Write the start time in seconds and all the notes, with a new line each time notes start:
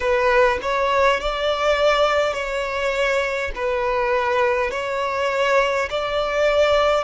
0.00 B4
0.62 C#5
1.20 D5
2.33 C#5
3.55 B4
4.71 C#5
5.90 D5